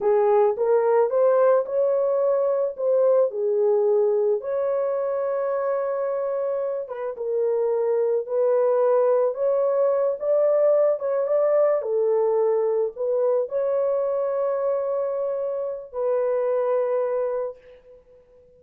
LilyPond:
\new Staff \with { instrumentName = "horn" } { \time 4/4 \tempo 4 = 109 gis'4 ais'4 c''4 cis''4~ | cis''4 c''4 gis'2 | cis''1~ | cis''8 b'8 ais'2 b'4~ |
b'4 cis''4. d''4. | cis''8 d''4 a'2 b'8~ | b'8 cis''2.~ cis''8~ | cis''4 b'2. | }